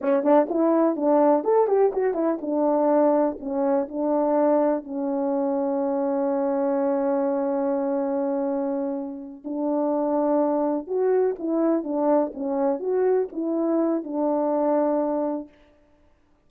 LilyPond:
\new Staff \with { instrumentName = "horn" } { \time 4/4 \tempo 4 = 124 cis'8 d'8 e'4 d'4 a'8 g'8 | fis'8 e'8 d'2 cis'4 | d'2 cis'2~ | cis'1~ |
cis'2.~ cis'8 d'8~ | d'2~ d'8 fis'4 e'8~ | e'8 d'4 cis'4 fis'4 e'8~ | e'4 d'2. | }